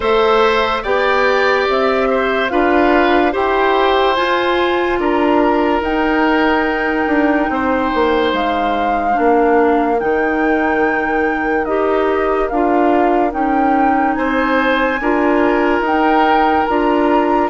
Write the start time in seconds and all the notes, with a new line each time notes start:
0.00 A3 A4 C5 E5
0.82 B3 G4 D5 G5
1.68 C4 E5
2.10 C5
2.49 D4 F4 B4 F5
3.31 E4 G4 C5 G5
4.15 F4 G#5
4.98 D4 A#4 A#5
5.81 D#4 G5
7.06 D4
7.49 C4 C5
7.94 A#3
8.32 G#3 F5
9.12 A#3 D4
9.19 A#4
9.99 D#3 D#4 G5
11.64 D#4 G4 D#5
12.48 D4 F4 F5
13.30 C#4 D#4 G5
14.14 C4 C5 G#5
15.00 D4 F4 A#4
15.80 D#4 G5
16.66 D4 F4 A#5